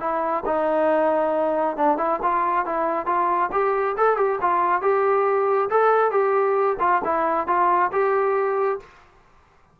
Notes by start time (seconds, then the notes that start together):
0.00 E4
0.46 D#4
1.77 D4
1.98 E4
2.23 F4
2.66 E4
3.06 F4
3.52 G4
3.97 A4
4.17 G4
4.42 F4
4.82 G4
5.70 A4
6.11 G4
6.80 F4
7.05 E4
7.48 F4
7.92 G4